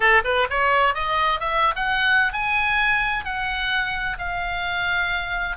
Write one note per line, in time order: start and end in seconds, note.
0.00 0.22 A4
0.24 0.47 B4
0.49 0.94 C#5
0.94 1.40 D#5
1.40 1.74 E5
1.75 2.32 F#5
2.32 3.24 G#5
3.24 4.17 F#5
4.18 5.56 F5